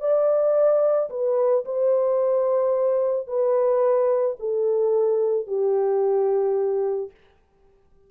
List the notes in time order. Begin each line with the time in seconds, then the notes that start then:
0.00 D5
1.10 B4
1.65 C5
3.27 B4
4.39 A4
5.47 G4